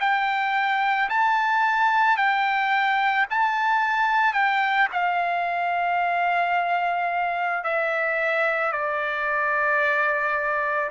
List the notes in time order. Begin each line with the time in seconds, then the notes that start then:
0.00 G5
1.10 A5
2.17 G5
3.30 A5
4.33 G5
4.92 F5
7.64 E5
8.72 D5